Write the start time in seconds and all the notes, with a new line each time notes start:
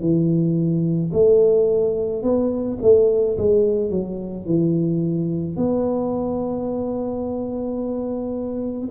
0.00 E3
1.13 A3
2.22 B3
2.81 A3
3.37 G#3
3.90 F#3
4.45 E3
5.56 B3